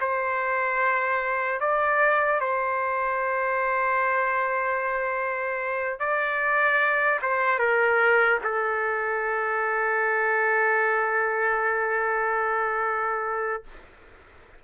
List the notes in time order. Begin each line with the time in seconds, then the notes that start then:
0.00 C5
1.60 D5
2.40 C5
5.99 D5
7.22 C5
7.59 A#4
8.43 A4